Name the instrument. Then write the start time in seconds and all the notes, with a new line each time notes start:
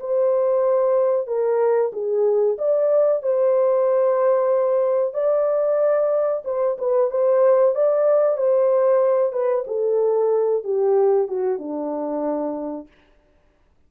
horn
0.00 C5
1.27 A#4
1.93 G#4
2.58 D5
3.23 C5
5.14 D5
6.45 C5
6.78 B4
7.11 C5
7.75 D5
8.37 C5
9.33 B4
9.67 A4
10.64 G4
11.28 F#4
11.59 D4